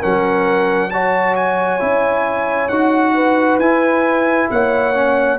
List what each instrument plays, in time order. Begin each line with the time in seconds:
0.00 tuba F#3, trombone C#4, horn A#4, trumpet F#5
0.91 trombone F#4, horn C#5, trumpet A5
1.36 trumpet G#5
1.80 tuba C#4, trombone E4
2.69 tuba D#4, trombone F#4, trumpet F#5
3.15 horn B4
3.59 tuba E4, trombone E4, trumpet G#5
4.51 tuba A#3, horn C#5, trumpet F#5
4.94 trombone C#4